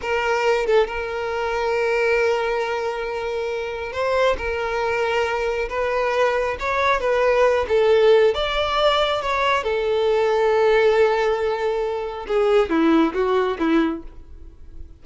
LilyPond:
\new Staff \with { instrumentName = "violin" } { \time 4/4 \tempo 4 = 137 ais'4. a'8 ais'2~ | ais'1~ | ais'4 c''4 ais'2~ | ais'4 b'2 cis''4 |
b'4. a'4. d''4~ | d''4 cis''4 a'2~ | a'1 | gis'4 e'4 fis'4 e'4 | }